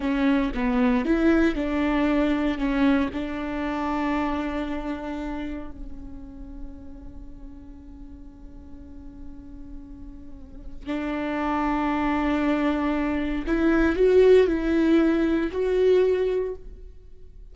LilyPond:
\new Staff \with { instrumentName = "viola" } { \time 4/4 \tempo 4 = 116 cis'4 b4 e'4 d'4~ | d'4 cis'4 d'2~ | d'2. cis'4~ | cis'1~ |
cis'1~ | cis'4 d'2.~ | d'2 e'4 fis'4 | e'2 fis'2 | }